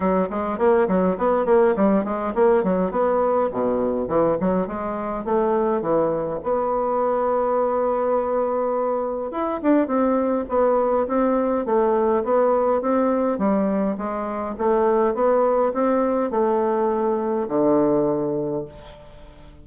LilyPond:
\new Staff \with { instrumentName = "bassoon" } { \time 4/4 \tempo 4 = 103 fis8 gis8 ais8 fis8 b8 ais8 g8 gis8 | ais8 fis8 b4 b,4 e8 fis8 | gis4 a4 e4 b4~ | b1 |
e'8 d'8 c'4 b4 c'4 | a4 b4 c'4 g4 | gis4 a4 b4 c'4 | a2 d2 | }